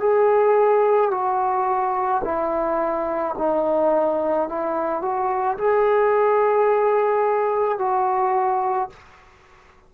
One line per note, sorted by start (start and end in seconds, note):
0.00 1.11 G#4
1.11 2.22 F#4
2.24 3.35 E4
3.38 4.48 D#4
4.48 5.02 E4
5.02 5.57 F#4
5.58 7.78 G#4
7.78 8.89 F#4